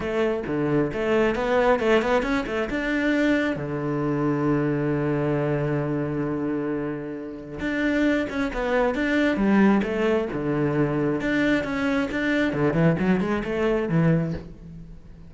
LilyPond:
\new Staff \with { instrumentName = "cello" } { \time 4/4 \tempo 4 = 134 a4 d4 a4 b4 | a8 b8 cis'8 a8 d'2 | d1~ | d1~ |
d4 d'4. cis'8 b4 | d'4 g4 a4 d4~ | d4 d'4 cis'4 d'4 | d8 e8 fis8 gis8 a4 e4 | }